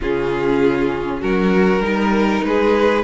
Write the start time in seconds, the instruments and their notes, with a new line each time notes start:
0.00 cello C#3, viola C#4, violin F4 G#4
1.21 cello F#3, violin F#4 A#4
1.80 cello G3, viola D#4, violin A#4
2.43 cello G#3, violin G#4 B4